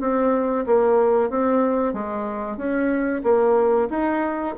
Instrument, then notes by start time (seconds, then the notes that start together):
bassoon
0.00 C4
0.66 A#3
1.30 C4
1.93 G#3
2.57 C#4
3.23 A#3
3.90 D#4